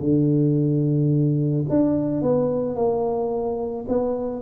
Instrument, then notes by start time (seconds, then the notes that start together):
tuba
0.00 D3
1.70 D4
2.22 B3
2.75 A#3
3.89 B3